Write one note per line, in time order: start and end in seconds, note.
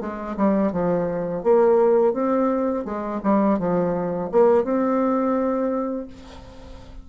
0.00 0.36 G#3
0.36 0.71 G3
0.71 1.43 F3
1.43 2.13 A#3
2.13 2.84 C4
2.84 3.20 G#3
3.23 3.58 G3
3.58 4.30 F3
4.31 4.64 A#3
4.64 6.06 C4